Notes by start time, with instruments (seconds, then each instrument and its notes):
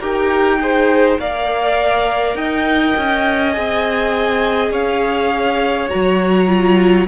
0.00 cello D#4, viola G4, violin A#4 G5
0.60 viola G#4, violin C5
1.19 cello A#3, viola A#4, violin D5 F5
2.35 cello D#4, violin D#5 G5
2.98 cello C#4
3.53 cello C4, viola G#4, violin G#5
4.71 cello C#4, violin C#5 F5
5.89 cello F#3, viola F#4, violin A#5
6.48 viola F4